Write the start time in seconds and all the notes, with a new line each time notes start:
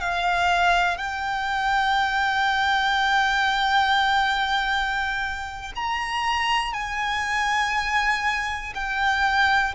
0.00 F5
0.98 G5
5.75 A#5
6.74 G#5
8.75 G5